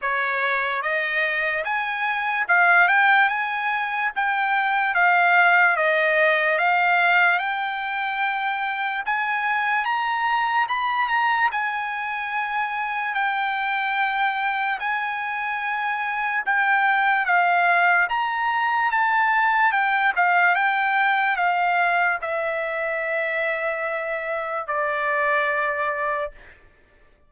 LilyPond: \new Staff \with { instrumentName = "trumpet" } { \time 4/4 \tempo 4 = 73 cis''4 dis''4 gis''4 f''8 g''8 | gis''4 g''4 f''4 dis''4 | f''4 g''2 gis''4 | ais''4 b''8 ais''8 gis''2 |
g''2 gis''2 | g''4 f''4 ais''4 a''4 | g''8 f''8 g''4 f''4 e''4~ | e''2 d''2 | }